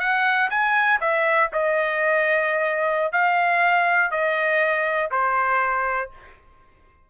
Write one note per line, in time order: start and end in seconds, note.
0.00 0.50 F#5
0.50 1.00 G#5
1.01 1.50 E5
1.53 3.12 D#5
3.12 4.11 F5
4.11 5.11 D#5
5.11 6.10 C5